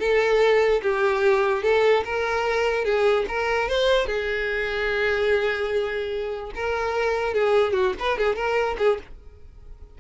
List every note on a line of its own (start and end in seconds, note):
0.00 0.82 A4
0.82 1.63 G4
1.63 2.04 A4
2.05 2.85 A#4
2.85 3.26 G#4
3.28 3.69 A#4
3.69 4.07 C5
4.07 6.52 G#4
6.55 7.34 A#4
7.34 7.73 G#4
7.73 7.94 F#4
7.99 8.18 B4
8.18 8.36 G#4
8.36 8.77 A#4
8.78 8.99 G#4